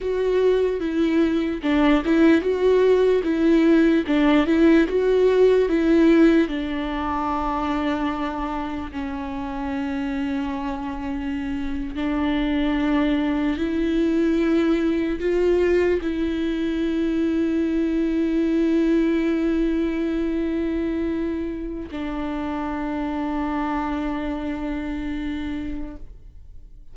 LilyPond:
\new Staff \with { instrumentName = "viola" } { \time 4/4 \tempo 4 = 74 fis'4 e'4 d'8 e'8 fis'4 | e'4 d'8 e'8 fis'4 e'4 | d'2. cis'4~ | cis'2~ cis'8. d'4~ d'16~ |
d'8. e'2 f'4 e'16~ | e'1~ | e'2. d'4~ | d'1 | }